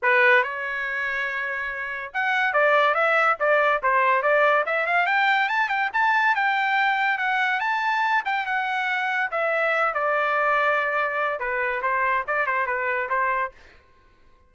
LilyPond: \new Staff \with { instrumentName = "trumpet" } { \time 4/4 \tempo 4 = 142 b'4 cis''2.~ | cis''4 fis''4 d''4 e''4 | d''4 c''4 d''4 e''8 f''8 | g''4 a''8 g''8 a''4 g''4~ |
g''4 fis''4 a''4. g''8 | fis''2 e''4. d''8~ | d''2. b'4 | c''4 d''8 c''8 b'4 c''4 | }